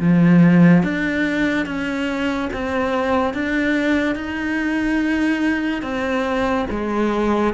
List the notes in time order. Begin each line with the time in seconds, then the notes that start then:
0.00 F3
0.84 D4
1.66 C#4
2.53 C4
3.34 D4
4.16 D#4
5.83 C4
6.71 G#3